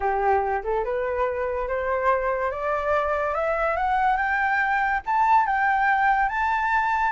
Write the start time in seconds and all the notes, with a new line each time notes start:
0.00 G4
0.63 A4
0.84 B4
1.68 C5
2.51 D5
3.34 E5
3.76 F#5
4.17 G5
5.06 A5
5.45 G5
6.28 A5